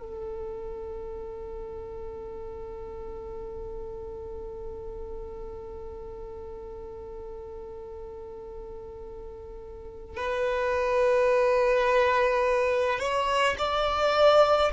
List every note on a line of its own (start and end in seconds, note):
0.00 10.17 A4
10.17 13.00 B4
13.00 13.56 C#5
13.59 14.72 D5